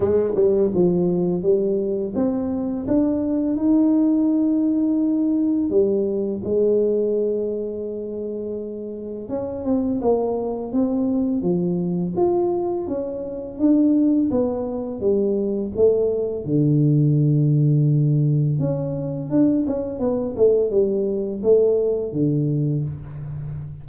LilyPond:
\new Staff \with { instrumentName = "tuba" } { \time 4/4 \tempo 4 = 84 gis8 g8 f4 g4 c'4 | d'4 dis'2. | g4 gis2.~ | gis4 cis'8 c'8 ais4 c'4 |
f4 f'4 cis'4 d'4 | b4 g4 a4 d4~ | d2 cis'4 d'8 cis'8 | b8 a8 g4 a4 d4 | }